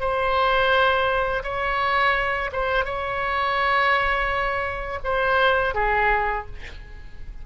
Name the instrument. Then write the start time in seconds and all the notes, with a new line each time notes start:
oboe
0.00 C5
1.43 C#5
2.53 C5
2.85 C#5
5.04 C5
5.74 G#4